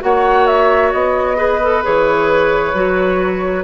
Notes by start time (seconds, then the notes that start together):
0.00 A#3 F#4 C#5 F#5
0.47 E5
0.92 B3 D#5
1.36 G#4 B4
1.62 A4
1.84 E3 G#4 C#5
2.73 F#3 F#4